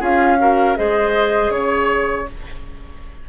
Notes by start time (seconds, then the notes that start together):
0.00 C#4 F4 G#4 F5
0.39 F#4 A#4
0.76 G#3 G#4 C5 D#5
1.50 C#3 C#5